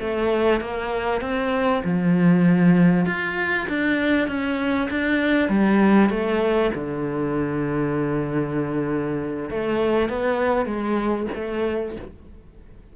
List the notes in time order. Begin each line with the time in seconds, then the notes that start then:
0.00 A3
0.61 A#3
1.21 C4
1.85 F3
3.06 F4
3.69 D4
4.28 C#4
4.90 D4
5.49 G3
6.10 A3
6.75 D3
9.50 A3
10.09 B3
10.66 G#3
11.35 A3